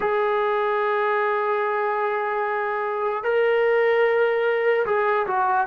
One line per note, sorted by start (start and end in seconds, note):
0.00 3.23 G#4
3.23 4.85 A#4
4.86 5.26 G#4
5.26 5.67 F#4